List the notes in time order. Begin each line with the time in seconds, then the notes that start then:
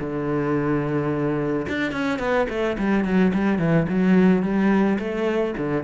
0.00 D3
1.69 D4
1.92 C#4
2.19 B3
2.49 A3
2.78 G3
3.05 F#3
3.34 G3
3.59 E3
3.89 F#3
4.43 G3
4.99 A3
5.57 D3